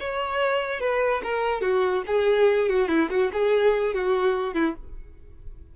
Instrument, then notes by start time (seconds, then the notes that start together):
violin
0.00 C#5
0.80 B4
1.23 A#4
1.61 F#4
2.06 G#4
2.69 F#4
2.88 E4
3.10 F#4
3.33 G#4
3.94 F#4
4.54 E4